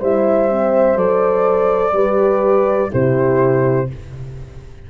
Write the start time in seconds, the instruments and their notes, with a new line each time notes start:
0.00 tuba G3, horn E4 C5, flute E5
0.49 horn C4
0.96 tuba F#3, horn A4, flute D5
1.92 tuba G3, horn G4 B4
2.91 tuba C3, horn E4 G4, flute C5